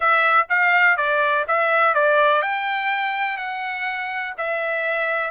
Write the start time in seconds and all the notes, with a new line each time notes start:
0.00 E5
0.49 F5
0.97 D5
1.47 E5
1.94 D5
2.41 G5
3.37 F#5
4.37 E5